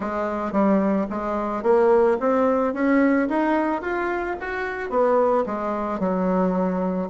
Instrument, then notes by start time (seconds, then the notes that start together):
bassoon
0.00 G#3
0.52 G3
1.10 G#3
1.62 A#3
2.20 C4
2.73 C#4
3.29 D#4
3.81 F4
4.40 F#4
4.90 B3
5.45 G#3
5.99 F#3